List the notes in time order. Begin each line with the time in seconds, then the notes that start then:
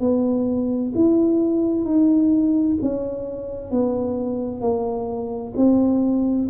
0.00 B3
0.95 E4
1.85 D#4
2.82 C#4
3.71 B3
4.61 A#3
5.56 C4